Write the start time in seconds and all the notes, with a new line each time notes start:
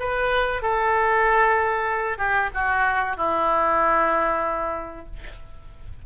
0.00 B4
0.62 A4
2.18 G4
2.54 F#4
3.17 E4